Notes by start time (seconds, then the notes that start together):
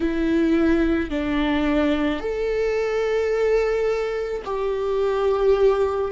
0.00 E4
1.10 D4
2.20 A4
4.44 G4